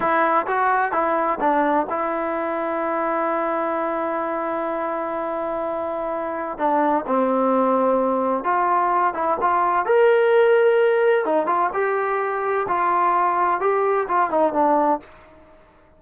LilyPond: \new Staff \with { instrumentName = "trombone" } { \time 4/4 \tempo 4 = 128 e'4 fis'4 e'4 d'4 | e'1~ | e'1~ | e'2 d'4 c'4~ |
c'2 f'4. e'8 | f'4 ais'2. | dis'8 f'8 g'2 f'4~ | f'4 g'4 f'8 dis'8 d'4 | }